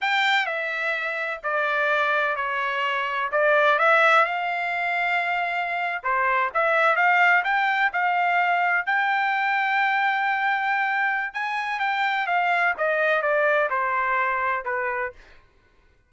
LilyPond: \new Staff \with { instrumentName = "trumpet" } { \time 4/4 \tempo 4 = 127 g''4 e''2 d''4~ | d''4 cis''2 d''4 | e''4 f''2.~ | f''8. c''4 e''4 f''4 g''16~ |
g''8. f''2 g''4~ g''16~ | g''1 | gis''4 g''4 f''4 dis''4 | d''4 c''2 b'4 | }